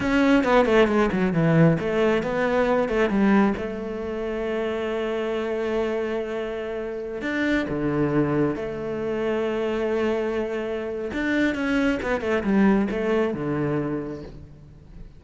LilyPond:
\new Staff \with { instrumentName = "cello" } { \time 4/4 \tempo 4 = 135 cis'4 b8 a8 gis8 fis8 e4 | a4 b4. a8 g4 | a1~ | a1~ |
a16 d'4 d2 a8.~ | a1~ | a4 d'4 cis'4 b8 a8 | g4 a4 d2 | }